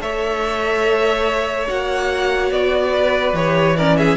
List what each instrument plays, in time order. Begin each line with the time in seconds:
0.00 cello A3, viola A4, violin C#5 E5
1.67 cello A#3, viola F#4, violin F#5
2.51 cello B3, violin D5
2.92 violin B4
3.33 cello E3, viola G4, violin C#5
3.76 viola C#4, violin A#4 D5
3.97 violin G#4 E5